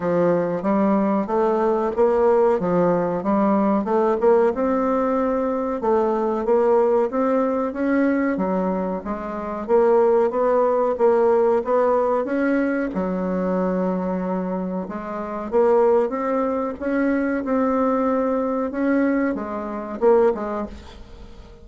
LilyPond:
\new Staff \with { instrumentName = "bassoon" } { \time 4/4 \tempo 4 = 93 f4 g4 a4 ais4 | f4 g4 a8 ais8 c'4~ | c'4 a4 ais4 c'4 | cis'4 fis4 gis4 ais4 |
b4 ais4 b4 cis'4 | fis2. gis4 | ais4 c'4 cis'4 c'4~ | c'4 cis'4 gis4 ais8 gis8 | }